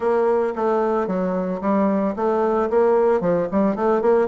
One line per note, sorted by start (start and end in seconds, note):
0.00 0.53 A#3
0.55 1.07 A3
1.07 1.60 F#3
1.61 2.15 G3
2.16 2.69 A3
2.70 3.20 A#3
3.20 3.47 F3
3.51 3.75 G3
3.75 4.01 A3
4.01 4.28 A#3